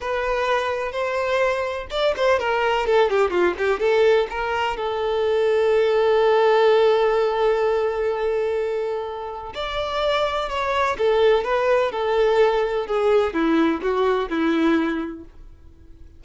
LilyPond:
\new Staff \with { instrumentName = "violin" } { \time 4/4 \tempo 4 = 126 b'2 c''2 | d''8 c''8 ais'4 a'8 g'8 f'8 g'8 | a'4 ais'4 a'2~ | a'1~ |
a'1 | d''2 cis''4 a'4 | b'4 a'2 gis'4 | e'4 fis'4 e'2 | }